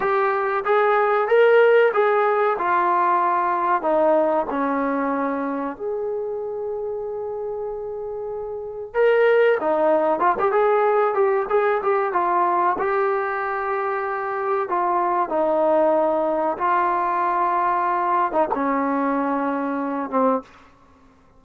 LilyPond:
\new Staff \with { instrumentName = "trombone" } { \time 4/4 \tempo 4 = 94 g'4 gis'4 ais'4 gis'4 | f'2 dis'4 cis'4~ | cis'4 gis'2.~ | gis'2 ais'4 dis'4 |
f'16 g'16 gis'4 g'8 gis'8 g'8 f'4 | g'2. f'4 | dis'2 f'2~ | f'8. dis'16 cis'2~ cis'8 c'8 | }